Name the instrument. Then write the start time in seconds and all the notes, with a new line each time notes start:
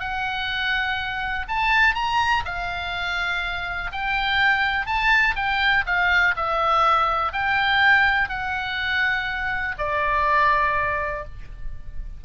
oboe
0.00 F#5
1.48 A5
1.95 A#5
2.45 F5
3.92 G5
4.86 A5
5.36 G5
5.86 F5
6.37 E5
7.33 G5
8.29 F#5
9.78 D5